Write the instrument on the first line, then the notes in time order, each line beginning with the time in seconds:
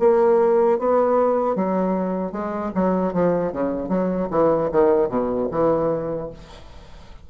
bassoon
0.00 A#3
0.79 B3
1.56 F#3
2.32 G#3
2.75 F#3
3.13 F3
3.53 C#3
3.89 F#3
4.31 E3
4.72 D#3
5.09 B2
5.52 E3